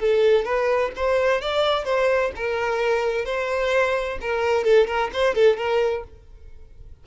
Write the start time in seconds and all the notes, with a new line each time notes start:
0.00 A4
0.45 B4
0.96 C5
1.41 D5
1.85 C5
2.36 A#4
3.26 C5
4.21 A#4
4.64 A4
4.88 A#4
5.14 C5
5.35 A4
5.58 A#4